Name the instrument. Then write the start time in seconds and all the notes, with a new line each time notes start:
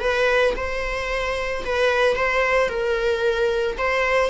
viola
0.00 B4
0.56 C5
1.65 B4
2.15 C5
2.68 A#4
3.77 C5